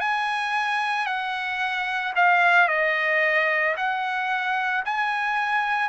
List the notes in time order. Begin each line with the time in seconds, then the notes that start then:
0.00 G#5
1.06 F#5
2.16 F5
2.68 D#5
3.77 F#5
4.86 G#5